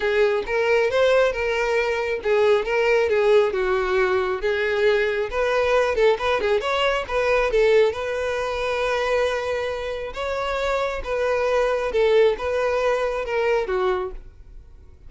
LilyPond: \new Staff \with { instrumentName = "violin" } { \time 4/4 \tempo 4 = 136 gis'4 ais'4 c''4 ais'4~ | ais'4 gis'4 ais'4 gis'4 | fis'2 gis'2 | b'4. a'8 b'8 gis'8 cis''4 |
b'4 a'4 b'2~ | b'2. cis''4~ | cis''4 b'2 a'4 | b'2 ais'4 fis'4 | }